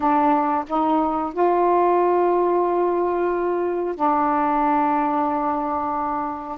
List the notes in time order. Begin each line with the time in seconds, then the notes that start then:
0.00 D4
0.67 D#4
1.33 F4
3.95 D4